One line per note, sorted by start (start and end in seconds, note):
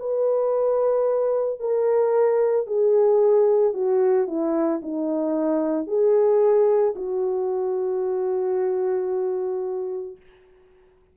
0.00 1.60 B4
1.60 2.67 A#4
2.67 3.74 G#4
3.74 4.27 F#4
4.27 4.81 E4
4.83 5.87 D#4
5.87 6.94 G#4
6.95 10.17 F#4